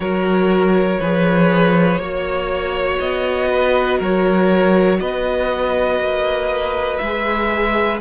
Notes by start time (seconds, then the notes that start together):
0.00 F#3 F#4 A#4 C#5
1.00 F3 G#4 B4
1.98 A#3 F#4 C#5
2.99 B3 D#5
3.49 B4
3.98 F#3 A#4 C#5
5.00 B3 B4 D#5
5.99 A#3
6.98 G#3 G#4 E5